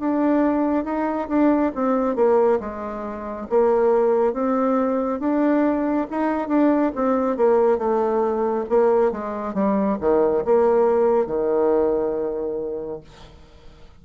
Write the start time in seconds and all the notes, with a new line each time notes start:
0.00 D4
0.85 D#4
1.29 D4
1.75 C4
2.16 A#3
2.60 G#3
3.50 A#3
4.34 C4
5.20 D4
6.10 D#4
6.48 D4
6.96 C4
7.37 A#3
7.78 A3
8.70 A#3
9.12 G#3
9.54 G3
10.00 D#3
10.45 A#3
11.27 D#3